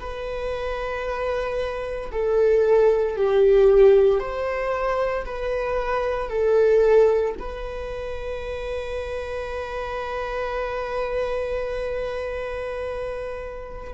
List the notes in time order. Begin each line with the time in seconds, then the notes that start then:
0.00 B4
2.12 A4
3.17 G4
4.20 C5
5.25 B4
6.29 A4
7.39 B4